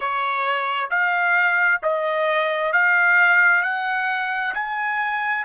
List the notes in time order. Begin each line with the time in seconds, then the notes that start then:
0.00 C#5
0.90 F5
1.82 D#5
2.72 F5
3.62 F#5
4.54 G#5